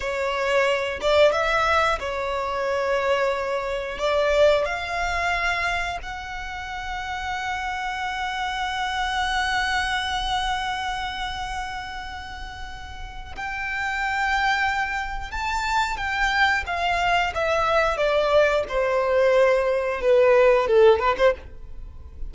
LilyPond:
\new Staff \with { instrumentName = "violin" } { \time 4/4 \tempo 4 = 90 cis''4. d''8 e''4 cis''4~ | cis''2 d''4 f''4~ | f''4 fis''2.~ | fis''1~ |
fis''1 | g''2. a''4 | g''4 f''4 e''4 d''4 | c''2 b'4 a'8 b'16 c''16 | }